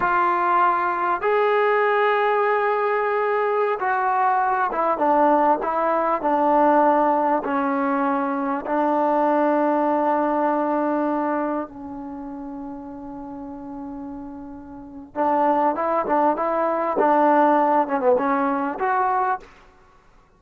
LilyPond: \new Staff \with { instrumentName = "trombone" } { \time 4/4 \tempo 4 = 99 f'2 gis'2~ | gis'2~ gis'16 fis'4. e'16~ | e'16 d'4 e'4 d'4.~ d'16~ | d'16 cis'2 d'4.~ d'16~ |
d'2.~ d'16 cis'8.~ | cis'1~ | cis'4 d'4 e'8 d'8 e'4 | d'4. cis'16 b16 cis'4 fis'4 | }